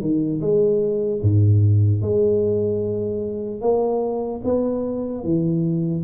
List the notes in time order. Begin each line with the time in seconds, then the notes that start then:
0.00 D#3
0.41 G#3
1.22 G#2
2.01 G#3
3.61 A#3
4.44 B3
5.24 E3